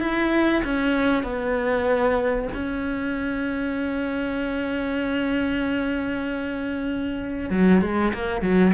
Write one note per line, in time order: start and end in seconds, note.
0.00 0.62 E4
0.64 1.23 C#4
1.23 2.48 B3
2.54 7.50 C#4
7.50 7.82 F#3
7.82 8.13 G#3
8.14 8.41 A#3
8.41 8.73 F#3